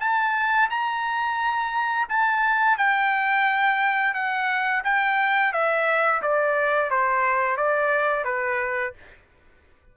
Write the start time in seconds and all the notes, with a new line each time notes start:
0.00 A5
0.70 A#5
2.09 A5
2.77 G5
4.14 F#5
4.84 G5
5.53 E5
6.22 D5
6.90 C5
7.57 D5
8.24 B4